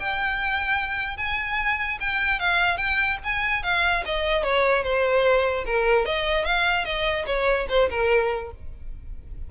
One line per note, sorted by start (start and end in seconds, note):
0.00 1.17 G5
1.17 1.98 G#5
2.01 2.40 G5
2.40 2.78 F5
2.78 3.18 G5
3.24 3.63 G#5
3.63 4.04 F5
4.06 4.44 D#5
4.44 4.84 C#5
4.84 5.65 C5
5.66 6.06 A#4
6.06 6.45 D#5
6.45 6.85 F5
6.85 7.26 D#5
7.27 7.67 C#5
7.69 7.90 C5
7.90 8.51 A#4